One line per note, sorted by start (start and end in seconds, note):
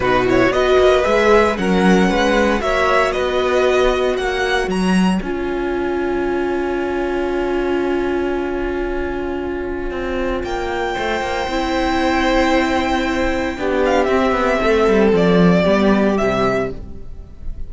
0.00 0.49 B2
0.00 0.26 D#4
0.00 0.52 F#4
0.00 0.26 B4
0.26 0.52 E4
0.26 0.52 C#5
0.50 0.76 B3
0.50 1.03 F#4
0.50 1.58 B4
0.50 1.04 D#5
0.78 1.04 A#3
1.03 1.58 G#3
1.03 1.55 G#4
1.03 1.56 E5
1.56 2.09 F#3
1.56 2.60 C#4
1.56 2.09 A#4
1.56 2.61 F#5
2.09 2.60 G#3
2.09 2.61 B4
2.60 3.12 A#3
2.60 5.21 F#4
2.60 3.13 C#5
2.60 3.11 E5
3.11 4.18 B3
3.11 4.17 B4
3.11 4.15 D#5
4.17 4.67 A#3
4.17 10.94 C#5
4.17 4.69 F#5
4.67 5.19 F#3
4.67 5.22 A#5
5.21 9.90 C#4
5.21 11.49 F4
5.21 10.44 G#5
9.90 10.43 C4
10.43 10.95 A#3
10.43 13.83 G5
10.94 11.21 A3
10.94 13.55 C5
11.21 11.47 A#3
11.47 13.56 C4
11.47 13.57 E4
13.57 14.08 B3
13.57 14.09 D4
13.57 14.61 G4
13.85 14.04 F5
14.04 14.31 C4
14.04 15.64 C4
14.04 15.08 E5
14.31 14.57 B3
14.61 14.87 A3
14.61 15.62 A4
14.87 15.12 G3
15.12 15.64 F3
15.12 16.17 D5
15.62 16.19 G3
15.62 16.16 B3
15.62 16.66 G4
16.17 16.71 C3
16.17 16.72 G3
16.17 16.69 E5